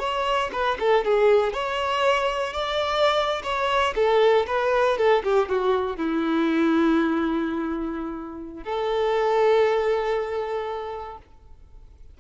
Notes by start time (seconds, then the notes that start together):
0.00 C#5
0.53 B4
0.80 A4
1.05 G#4
1.54 C#5
2.54 D5
3.43 C#5
3.96 A4
4.47 B4
4.98 A4
5.24 G4
5.49 F#4
5.97 E4
8.64 A4